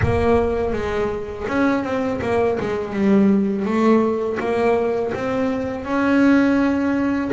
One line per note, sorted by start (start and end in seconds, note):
0.02 0.72 A#3
0.72 1.45 G#3
1.48 1.84 C#4
1.84 2.20 C4
2.22 2.58 A#3
2.59 2.93 G#3
2.93 3.65 G3
3.65 4.38 A3
4.39 5.13 A#3
5.14 5.84 C4
5.84 7.31 C#4